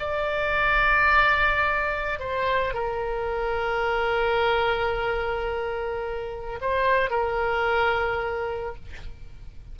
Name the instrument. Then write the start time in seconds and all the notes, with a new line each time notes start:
oboe
0.00 D5
2.20 C5
2.74 A#4
6.61 C5
7.11 A#4